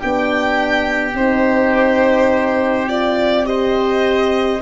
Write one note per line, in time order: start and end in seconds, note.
0.00 1.14 B3
0.00 1.16 D4
0.00 3.46 G4
0.00 1.16 G5
1.14 4.60 C4
1.14 2.88 D#4
1.14 2.89 C5
2.88 3.45 F4
2.88 3.47 D5
3.45 4.60 G4
3.45 4.62 C5
3.45 4.62 D#5